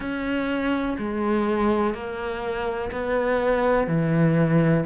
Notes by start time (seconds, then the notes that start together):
0.00 C#4
0.98 G#3
1.94 A#3
2.91 B3
3.87 E3